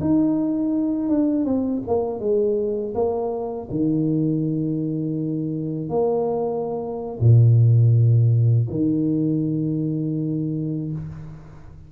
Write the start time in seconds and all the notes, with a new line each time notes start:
0.00 D#4
1.09 D4
1.44 C4
1.87 A#3
2.20 G#3
2.94 A#3
3.70 D#3
5.89 A#3
7.20 A#2
8.70 D#3